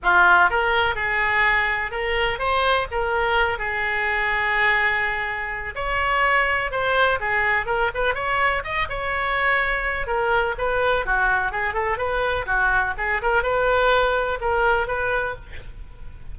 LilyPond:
\new Staff \with { instrumentName = "oboe" } { \time 4/4 \tempo 4 = 125 f'4 ais'4 gis'2 | ais'4 c''4 ais'4. gis'8~ | gis'1 | cis''2 c''4 gis'4 |
ais'8 b'8 cis''4 dis''8 cis''4.~ | cis''4 ais'4 b'4 fis'4 | gis'8 a'8 b'4 fis'4 gis'8 ais'8 | b'2 ais'4 b'4 | }